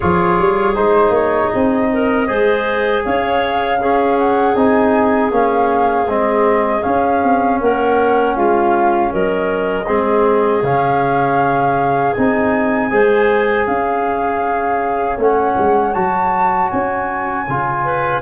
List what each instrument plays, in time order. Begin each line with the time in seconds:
0.00 tuba F3, trombone F4, clarinet G#4, flute C#5
0.39 tuba G3
0.74 tuba G#3, trombone D#4, flute C5
1.09 tuba A#3, flute C#5
1.49 tuba C4, flute D#5
1.92 clarinet A#4
2.27 tuba G#3, trombone G#4, clarinet C5
3.04 tuba C#4, clarinet C#5, flute F5
3.79 trombone C#4, clarinet G#4
4.18 flute F#5
4.54 tuba C4, trombone D#4, flute G#5
5.31 tuba A#3, trombone C#4, flute F5
6.07 tuba G#3, trombone C4, flute D#5
6.81 trombone C#4, tuba C#4, flute F5
7.23 tuba C4
7.60 tuba A#3, clarinet A#4, flute F#5
8.35 tuba G#3, clarinet F4, flute F5
9.10 tuba F#3, clarinet A#4, flute D#5
9.86 tuba G#3, trombone C4, clarinet G#4
10.62 tuba C#3, trombone C#4, flute F5
12.13 tuba C4, trombone D#4, flute G#5
12.90 tuba G#3, trombone G#4, clarinet C5
13.66 tuba C#4, clarinet C#5, flute F5
15.17 tuba A3, trombone C#4, flute F#5
15.58 tuba G#3
15.93 tuba F#3, trombone F#4, flute A5
16.70 tuba C#4, flute G#5
17.47 tuba C#3, trombone F4
17.84 clarinet B4